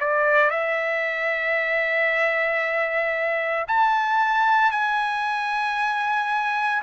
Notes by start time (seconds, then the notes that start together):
0.00 D5
0.51 E5
3.68 A5
4.72 G#5